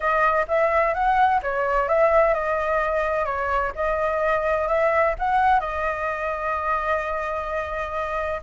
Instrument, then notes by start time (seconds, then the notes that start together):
flute
0.00 D#5
0.48 E5
0.94 F#5
1.42 C#5
1.88 E5
2.34 D#5
3.25 C#5
3.75 D#5
4.68 E5
5.18 F#5
5.60 D#5